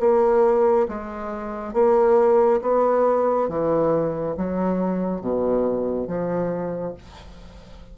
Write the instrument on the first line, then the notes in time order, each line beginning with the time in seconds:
bassoon
0.00 A#3
0.88 G#3
1.74 A#3
2.62 B3
3.49 E3
4.37 F#3
5.21 B2
6.08 F3